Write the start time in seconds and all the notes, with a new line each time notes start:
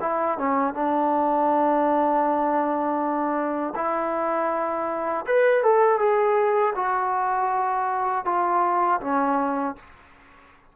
0.00 E4
0.38 C#4
0.74 D4
3.75 E4
5.26 B4
5.62 A4
5.98 G#4
6.75 F#4
8.25 F4
9.00 C#4